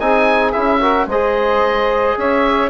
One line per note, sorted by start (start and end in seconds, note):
0.00 0.55 C4
0.00 0.54 D#4
0.00 0.80 G#4
0.00 0.52 G#5
0.52 1.07 C#4
0.52 0.81 E4
0.52 1.06 E5
0.80 1.08 F#4
0.80 1.07 A#4
1.07 2.15 G#3
1.07 2.70 G#4
1.07 2.17 C5
1.07 2.19 D#5
2.18 2.70 C#4
2.18 2.70 C#5
2.18 2.70 E5